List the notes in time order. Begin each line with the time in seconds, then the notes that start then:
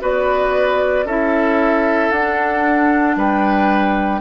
0.00 B3 F#4 B4 D5
1.05 C#4 E4 A4 E5
2.11 D4 F#5
3.16 G3 B4 G5